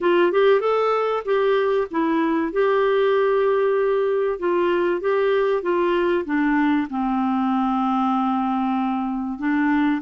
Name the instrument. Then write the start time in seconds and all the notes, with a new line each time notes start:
clarinet
0.00 F4
0.32 G4
0.60 A4
1.25 G4
1.91 E4
2.52 G4
4.39 F4
5.01 G4
5.62 F4
6.25 D4
6.90 C4
9.38 D4